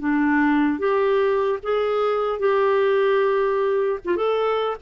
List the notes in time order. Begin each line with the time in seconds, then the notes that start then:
0.00 D4
0.79 G4
1.63 G#4
2.39 G4
4.05 F4
4.17 A4